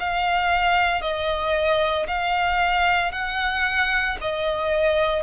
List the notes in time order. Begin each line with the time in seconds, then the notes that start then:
0.00 F5
1.02 D#5
2.08 F5
3.12 F#5
4.21 D#5